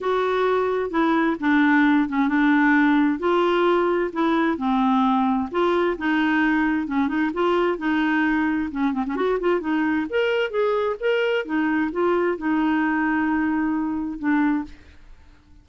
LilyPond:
\new Staff \with { instrumentName = "clarinet" } { \time 4/4 \tempo 4 = 131 fis'2 e'4 d'4~ | d'8 cis'8 d'2 f'4~ | f'4 e'4 c'2 | f'4 dis'2 cis'8 dis'8 |
f'4 dis'2 cis'8 c'16 cis'16 | fis'8 f'8 dis'4 ais'4 gis'4 | ais'4 dis'4 f'4 dis'4~ | dis'2. d'4 | }